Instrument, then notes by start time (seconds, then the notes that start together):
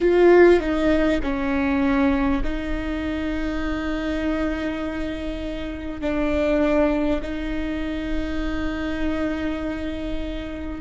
viola
0.01 F4
0.60 D#4
1.22 C#4
2.43 D#4
6.01 D4
7.22 D#4